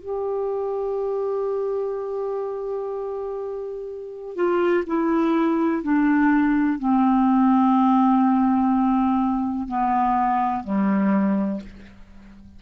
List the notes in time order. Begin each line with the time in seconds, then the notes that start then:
0.00 G4
4.35 F4
4.87 E4
5.83 D4
6.79 C4
9.68 B3
10.64 G3